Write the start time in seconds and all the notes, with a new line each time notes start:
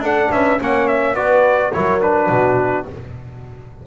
0.00 D4 A4 F#5
0.31 C#4 B4 E5
0.59 A#3 C#4 C#5 F#5
0.88 E5
1.14 B3 F#4 B4 D5
1.73 F#3 E4 A#4 C#5
2.01 D4 B4
2.30 B2 F#4